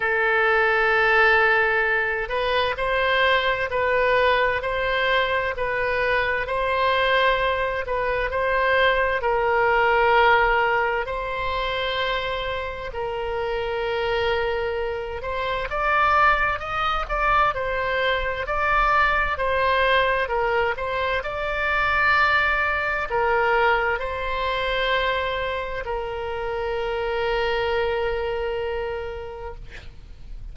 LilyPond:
\new Staff \with { instrumentName = "oboe" } { \time 4/4 \tempo 4 = 65 a'2~ a'8 b'8 c''4 | b'4 c''4 b'4 c''4~ | c''8 b'8 c''4 ais'2 | c''2 ais'2~ |
ais'8 c''8 d''4 dis''8 d''8 c''4 | d''4 c''4 ais'8 c''8 d''4~ | d''4 ais'4 c''2 | ais'1 | }